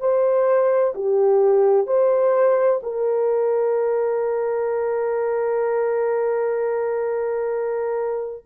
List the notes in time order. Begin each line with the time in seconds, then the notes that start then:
0.00 C5
0.95 G4
1.87 C5
2.83 A#4